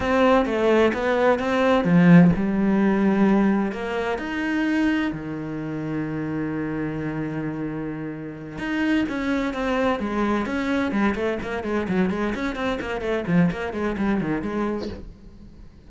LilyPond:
\new Staff \with { instrumentName = "cello" } { \time 4/4 \tempo 4 = 129 c'4 a4 b4 c'4 | f4 g2. | ais4 dis'2 dis4~ | dis1~ |
dis2~ dis8 dis'4 cis'8~ | cis'8 c'4 gis4 cis'4 g8 | a8 ais8 gis8 fis8 gis8 cis'8 c'8 ais8 | a8 f8 ais8 gis8 g8 dis8 gis4 | }